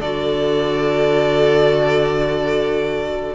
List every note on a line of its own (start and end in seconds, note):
0.00 3.35 D3
0.00 3.35 F#4
0.00 3.35 A4
0.00 3.35 D5